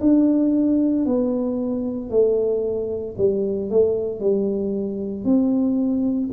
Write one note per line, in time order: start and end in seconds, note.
0.00 1.05 D4
1.05 2.10 B3
2.10 3.15 A3
3.17 3.70 G3
3.70 4.20 A3
4.20 5.24 G3
5.24 6.29 C4